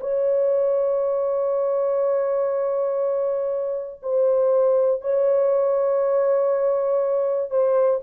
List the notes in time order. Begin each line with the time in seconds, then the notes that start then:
0.00 C#5
4.02 C5
5.01 C#5
7.50 C5